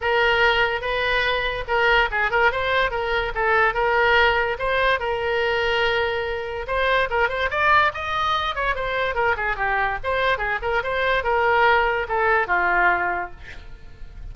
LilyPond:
\new Staff \with { instrumentName = "oboe" } { \time 4/4 \tempo 4 = 144 ais'2 b'2 | ais'4 gis'8 ais'8 c''4 ais'4 | a'4 ais'2 c''4 | ais'1 |
c''4 ais'8 c''8 d''4 dis''4~ | dis''8 cis''8 c''4 ais'8 gis'8 g'4 | c''4 gis'8 ais'8 c''4 ais'4~ | ais'4 a'4 f'2 | }